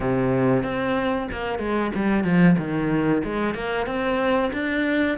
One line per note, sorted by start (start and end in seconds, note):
0.00 0.63 C3
0.63 1.27 C4
1.31 1.58 A#3
1.58 1.91 G#3
1.94 2.24 G3
2.24 2.56 F3
2.58 3.22 D#3
3.24 3.54 G#3
3.54 3.86 A#3
3.86 4.51 C4
4.52 5.17 D4